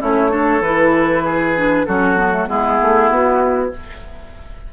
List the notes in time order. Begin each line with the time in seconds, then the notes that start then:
0.00 A3 C#4 E4 C#5
0.30 D4 A4
0.61 E3 E4 B4
1.24 G#4
1.56 D4
1.86 F#3 C#4 F#4 A4
2.16 B3
2.32 A3
2.47 G#3 B3 E4 G#4
2.82 A3
3.10 B3 F#4